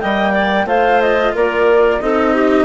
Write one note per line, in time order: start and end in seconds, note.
0.00 0.66 G3
0.00 0.66 A#3
0.00 0.32 D#5
0.00 0.67 G5
0.32 0.66 D5
0.66 1.32 A3
0.66 2.00 F4
0.66 1.34 C5
0.66 1.01 F5
1.01 1.34 D#5
1.34 2.01 A#3
1.34 2.01 A#4
1.34 2.00 D5
2.00 2.65 C4
2.00 2.65 D#4
2.00 2.34 A4
2.00 2.65 D#5
2.34 2.65 G4